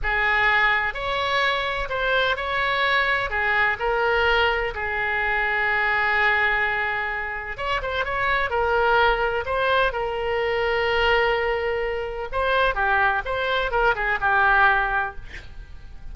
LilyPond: \new Staff \with { instrumentName = "oboe" } { \time 4/4 \tempo 4 = 127 gis'2 cis''2 | c''4 cis''2 gis'4 | ais'2 gis'2~ | gis'1 |
cis''8 c''8 cis''4 ais'2 | c''4 ais'2.~ | ais'2 c''4 g'4 | c''4 ais'8 gis'8 g'2 | }